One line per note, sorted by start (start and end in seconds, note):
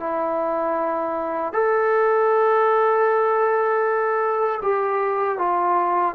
0.00 1.53 E4
1.53 4.61 A4
4.63 5.38 G4
5.38 6.15 F4